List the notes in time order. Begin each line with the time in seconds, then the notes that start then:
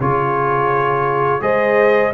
0.00 C#3 F4 G#4 C#5
1.40 G#3 G#4 C5 D#5